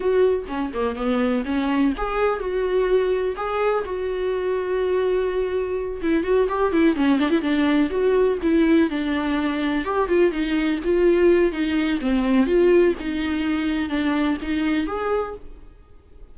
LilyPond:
\new Staff \with { instrumentName = "viola" } { \time 4/4 \tempo 4 = 125 fis'4 cis'8 ais8 b4 cis'4 | gis'4 fis'2 gis'4 | fis'1~ | fis'8 e'8 fis'8 g'8 e'8 cis'8 d'16 e'16 d'8~ |
d'8 fis'4 e'4 d'4.~ | d'8 g'8 f'8 dis'4 f'4. | dis'4 c'4 f'4 dis'4~ | dis'4 d'4 dis'4 gis'4 | }